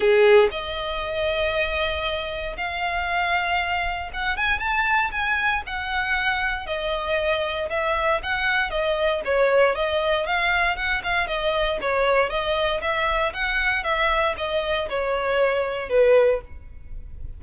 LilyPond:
\new Staff \with { instrumentName = "violin" } { \time 4/4 \tempo 4 = 117 gis'4 dis''2.~ | dis''4 f''2. | fis''8 gis''8 a''4 gis''4 fis''4~ | fis''4 dis''2 e''4 |
fis''4 dis''4 cis''4 dis''4 | f''4 fis''8 f''8 dis''4 cis''4 | dis''4 e''4 fis''4 e''4 | dis''4 cis''2 b'4 | }